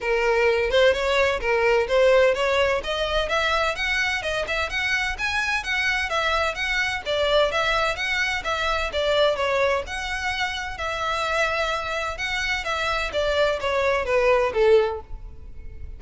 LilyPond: \new Staff \with { instrumentName = "violin" } { \time 4/4 \tempo 4 = 128 ais'4. c''8 cis''4 ais'4 | c''4 cis''4 dis''4 e''4 | fis''4 dis''8 e''8 fis''4 gis''4 | fis''4 e''4 fis''4 d''4 |
e''4 fis''4 e''4 d''4 | cis''4 fis''2 e''4~ | e''2 fis''4 e''4 | d''4 cis''4 b'4 a'4 | }